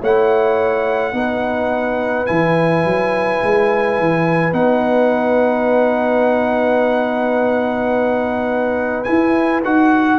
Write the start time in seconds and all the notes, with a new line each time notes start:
0.00 A3 E4 C#5 F#5
1.12 B3 D#4 B4
2.26 E3 E4 G#5
2.84 F#3
3.42 G#3
3.99 E3
4.52 B3 D#4 F#5
9.03 E4 G#5
9.63 D#4 F#4 F#5